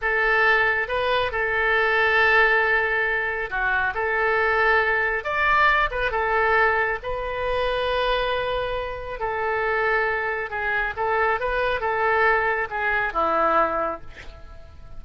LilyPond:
\new Staff \with { instrumentName = "oboe" } { \time 4/4 \tempo 4 = 137 a'2 b'4 a'4~ | a'1 | fis'4 a'2. | d''4. b'8 a'2 |
b'1~ | b'4 a'2. | gis'4 a'4 b'4 a'4~ | a'4 gis'4 e'2 | }